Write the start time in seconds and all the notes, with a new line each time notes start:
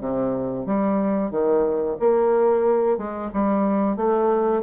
0.00 C3
0.66 G3
1.31 D#3
1.99 A#3
2.97 G#3
3.33 G3
3.97 A3